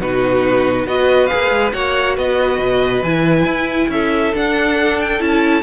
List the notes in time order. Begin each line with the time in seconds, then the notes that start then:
0.00 B2 D#4 F#4 B4
0.86 B3 F#4 B4 D#5
1.26 G#4 F5
1.33 A#3
1.50 G#3
1.73 A#3 F#4 C#5 F#5
2.16 B3 B4 D#5
2.58 B2
3.03 E3 E4 G#5
3.45 E4
3.88 C#4 A4 E5
4.34 D4 F#5
5.01 G5
5.19 C#4 E4 A5